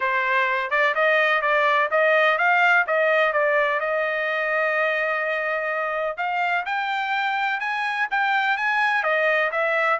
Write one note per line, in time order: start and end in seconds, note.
0.00 0.70 C5
0.70 0.94 D5
0.94 1.41 D#5
1.41 1.89 D5
1.90 2.37 D#5
2.37 2.85 F5
2.86 3.32 D#5
3.32 3.79 D5
3.79 6.17 D#5
6.17 6.65 F5
6.65 7.60 G5
7.60 8.07 G#5
8.10 8.57 G5
8.57 9.03 G#5
9.03 9.51 D#5
9.51 9.99 E5